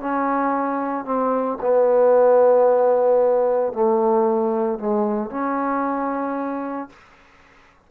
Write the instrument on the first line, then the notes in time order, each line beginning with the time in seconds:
trombone
0.00 C#4
1.05 C4
1.60 B3
3.73 A3
4.79 G#3
5.30 C#4